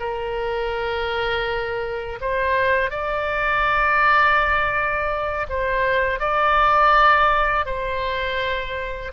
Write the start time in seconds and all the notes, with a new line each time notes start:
0.00 A#4
2.21 C5
2.91 D5
5.49 C5
6.20 D5
7.66 C5